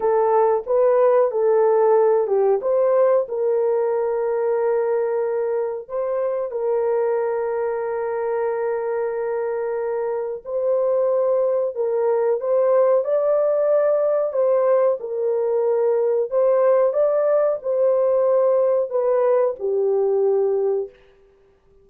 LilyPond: \new Staff \with { instrumentName = "horn" } { \time 4/4 \tempo 4 = 92 a'4 b'4 a'4. g'8 | c''4 ais'2.~ | ais'4 c''4 ais'2~ | ais'1 |
c''2 ais'4 c''4 | d''2 c''4 ais'4~ | ais'4 c''4 d''4 c''4~ | c''4 b'4 g'2 | }